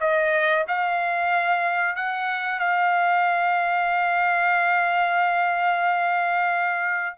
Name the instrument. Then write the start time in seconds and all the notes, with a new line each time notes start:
trumpet
0.00 D#5
0.68 F5
1.96 F#5
2.59 F5